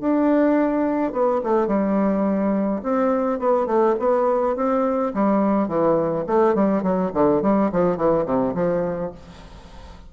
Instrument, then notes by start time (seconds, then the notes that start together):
bassoon
0.00 D4
1.12 B3
1.43 A3
1.67 G3
2.83 C4
3.39 B3
3.66 A3
3.99 B3
4.56 C4
5.14 G3
5.68 E3
6.27 A3
6.55 G3
6.82 F#3
7.13 D3
7.42 G3
7.72 F3
7.97 E3
8.25 C3
8.54 F3